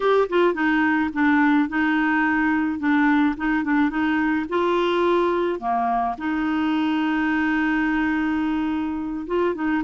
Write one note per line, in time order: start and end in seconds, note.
0.00 0.28 G4
0.29 0.54 F4
0.54 1.10 D#4
1.13 1.68 D4
1.68 2.79 D#4
2.79 3.35 D4
3.36 3.64 D#4
3.64 3.90 D4
3.90 4.46 D#4
4.49 5.59 F4
5.59 6.15 A#3
6.18 9.26 D#4
9.26 9.54 F4
9.54 9.82 D#4